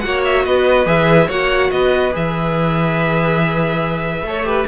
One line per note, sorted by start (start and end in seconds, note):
0.00 0.46 A#3
0.00 0.86 F#4
0.00 0.21 F#5
0.06 0.45 C#5
0.25 0.46 E5
0.45 0.86 B3
0.45 1.27 B4
0.45 0.88 D#5
0.86 1.29 E3
0.86 1.29 G#4
0.86 1.30 E5
1.27 1.71 A#3
1.27 2.12 F#4
1.27 1.69 C#5
1.27 1.71 F#5
1.71 2.14 B3
1.71 4.27 B4
1.71 2.13 D#5
2.12 4.23 E3
2.12 4.23 G#4
2.12 4.68 E5
4.23 4.65 A3
4.23 4.45 A4
4.23 4.47 C#5
4.45 4.66 G4
4.45 4.68 B4